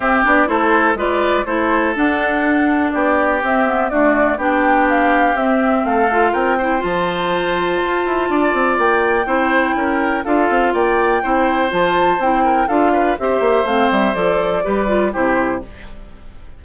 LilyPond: <<
  \new Staff \with { instrumentName = "flute" } { \time 4/4 \tempo 4 = 123 e''8 d''8 c''4 d''4 c''4 | fis''2 d''4 e''4 | d''4 g''4 f''4 e''4 | f''4 g''4 a''2~ |
a''2 g''2~ | g''4 f''4 g''2 | a''4 g''4 f''4 e''4 | f''8 e''8 d''2 c''4 | }
  \new Staff \with { instrumentName = "oboe" } { \time 4/4 g'4 a'4 b'4 a'4~ | a'2 g'2 | fis'4 g'2. | a'4 ais'8 c''2~ c''8~ |
c''4 d''2 c''4 | ais'4 a'4 d''4 c''4~ | c''4. ais'8 a'8 b'8 c''4~ | c''2 b'4 g'4 | }
  \new Staff \with { instrumentName = "clarinet" } { \time 4/4 c'8 d'8 e'4 f'4 e'4 | d'2. c'8 b8 | a4 d'2 c'4~ | c'8 f'4 e'8 f'2~ |
f'2. e'4~ | e'4 f'2 e'4 | f'4 e'4 f'4 g'4 | c'4 a'4 g'8 f'8 e'4 | }
  \new Staff \with { instrumentName = "bassoon" } { \time 4/4 c'8 b8 a4 gis4 a4 | d'2 b4 c'4 | d'4 b2 c'4 | a4 c'4 f2 |
f'8 e'8 d'8 c'8 ais4 c'4 | cis'4 d'8 c'8 ais4 c'4 | f4 c'4 d'4 c'8 ais8 | a8 g8 f4 g4 c4 | }
>>